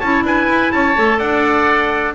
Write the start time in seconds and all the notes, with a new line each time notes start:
0.00 C#4 E4 C#5 A5
0.24 D4 B4 G#5
0.48 E4
0.72 C#4 C#5 A5
0.96 A3 A4
1.18 D4 D5 F#5